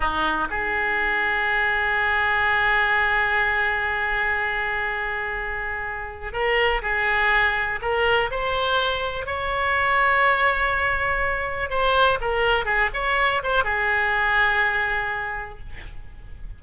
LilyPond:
\new Staff \with { instrumentName = "oboe" } { \time 4/4 \tempo 4 = 123 dis'4 gis'2.~ | gis'1~ | gis'1~ | gis'4 ais'4 gis'2 |
ais'4 c''2 cis''4~ | cis''1 | c''4 ais'4 gis'8 cis''4 c''8 | gis'1 | }